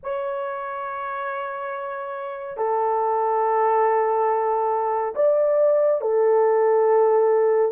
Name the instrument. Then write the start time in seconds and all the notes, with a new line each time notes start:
horn
0.03 C#5
2.57 A4
5.15 D5
6.01 A4